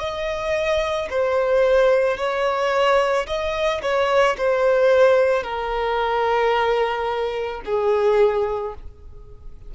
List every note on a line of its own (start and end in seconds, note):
0.00 1.09 D#5
1.11 2.18 C5
2.18 3.27 C#5
3.27 3.82 D#5
3.82 4.37 C#5
4.38 5.43 C5
5.43 7.62 A#4
7.66 8.75 G#4